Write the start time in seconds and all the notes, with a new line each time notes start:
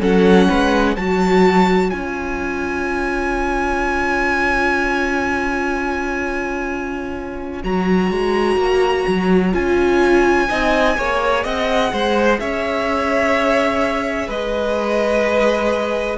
0.00 F#3 C#4 A4 F#5
0.48 G#3 B4
0.95 F#3 F#4 C#5 A5
1.91 C#4 F4 G#5
7.64 F#3 F#4 A#5
8.11 G#3
8.57 A#3
9.08 F#3
9.53 C#4 F4 G#5
10.49 C4 D#4 D#5
10.97 A#3 G#4 C#5
11.44 C4 D#5 F#5
11.92 G#3 C5
12.40 C#4 C#5 E5
14.27 G#3 B4 D#5